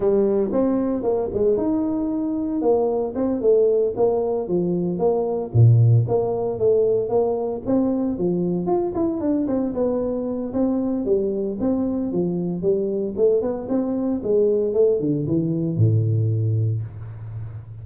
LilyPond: \new Staff \with { instrumentName = "tuba" } { \time 4/4 \tempo 4 = 114 g4 c'4 ais8 gis8 dis'4~ | dis'4 ais4 c'8 a4 ais8~ | ais8 f4 ais4 ais,4 ais8~ | ais8 a4 ais4 c'4 f8~ |
f8 f'8 e'8 d'8 c'8 b4. | c'4 g4 c'4 f4 | g4 a8 b8 c'4 gis4 | a8 d8 e4 a,2 | }